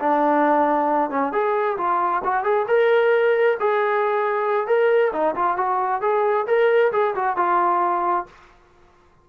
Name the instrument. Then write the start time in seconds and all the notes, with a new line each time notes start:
trombone
0.00 D4
1.11 C#4
1.33 G#4
1.78 F4
2.25 F#4
2.44 G#4
2.68 A#4
3.60 G#4
4.67 A#4
5.13 D#4
5.36 F4
5.57 F#4
6.02 G#4
6.47 A#4
6.92 G#4
7.15 F#4
7.37 F4